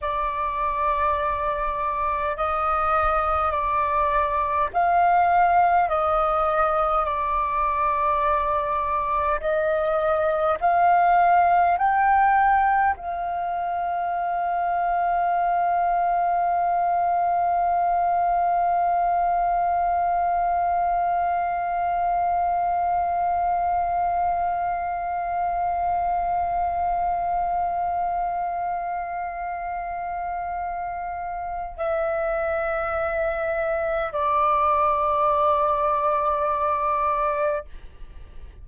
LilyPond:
\new Staff \with { instrumentName = "flute" } { \time 4/4 \tempo 4 = 51 d''2 dis''4 d''4 | f''4 dis''4 d''2 | dis''4 f''4 g''4 f''4~ | f''1~ |
f''1~ | f''1~ | f''2. e''4~ | e''4 d''2. | }